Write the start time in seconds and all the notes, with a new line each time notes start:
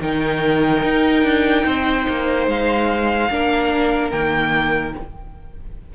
0.00 D#3 D#4 A#4 G5
0.84 D#4
1.23 D4
1.65 C4 C5
2.09 A#3
2.47 G#3 F5
3.30 A#3 D4 A#4
4.11 D#3 A#3 G5